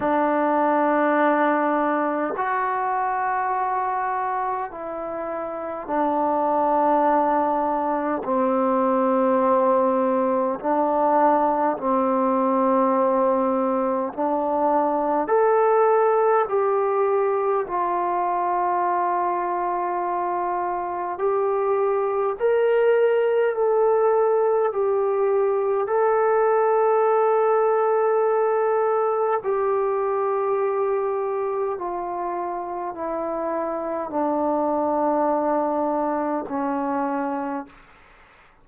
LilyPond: \new Staff \with { instrumentName = "trombone" } { \time 4/4 \tempo 4 = 51 d'2 fis'2 | e'4 d'2 c'4~ | c'4 d'4 c'2 | d'4 a'4 g'4 f'4~ |
f'2 g'4 ais'4 | a'4 g'4 a'2~ | a'4 g'2 f'4 | e'4 d'2 cis'4 | }